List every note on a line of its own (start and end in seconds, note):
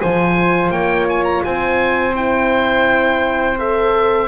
0.00 0.70 F3
0.00 2.15 F4
0.00 0.72 C5
0.00 0.71 G#5
0.70 1.42 A#3
0.70 1.44 C#5
0.70 1.07 G5
1.09 1.24 G#5
1.24 1.42 A#5
1.44 4.28 C4
1.44 4.28 C5
1.44 2.16 G#5
2.15 3.57 E4
2.15 3.59 G5
3.58 4.28 A4
3.58 4.28 E5